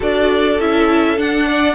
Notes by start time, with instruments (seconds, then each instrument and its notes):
0.00 cello D4, viola F#4, violin A4 D5
0.59 cello C#4, viola E4, violin E5
1.17 viola D4, cello D4, violin F#5
1.46 violin D5